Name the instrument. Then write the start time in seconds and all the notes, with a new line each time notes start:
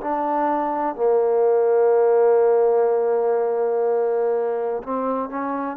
trombone
0.00 D4
0.95 A#3
4.83 C4
5.29 C#4